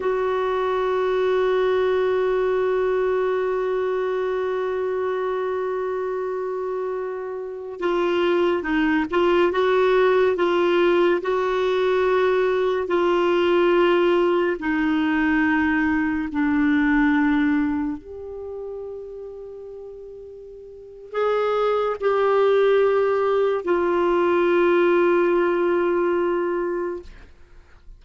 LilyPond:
\new Staff \with { instrumentName = "clarinet" } { \time 4/4 \tempo 4 = 71 fis'1~ | fis'1~ | fis'4~ fis'16 f'4 dis'8 f'8 fis'8.~ | fis'16 f'4 fis'2 f'8.~ |
f'4~ f'16 dis'2 d'8.~ | d'4~ d'16 g'2~ g'8.~ | g'4 gis'4 g'2 | f'1 | }